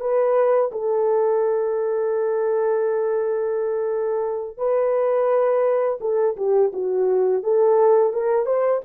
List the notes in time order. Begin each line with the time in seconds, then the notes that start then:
0.00 B4
0.72 A4
4.58 B4
6.01 A4
6.37 G4
6.73 F#4
7.43 A4
8.13 A#4
8.46 C5